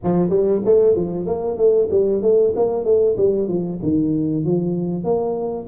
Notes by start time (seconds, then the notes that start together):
0.03 F3
0.29 G3
0.65 A3
0.95 F3
1.26 A#3
1.57 A3
1.90 G3
2.22 A3
2.55 A#3
2.84 A3
3.17 G3
3.47 F3
3.82 D#3
4.44 F3
5.04 A#3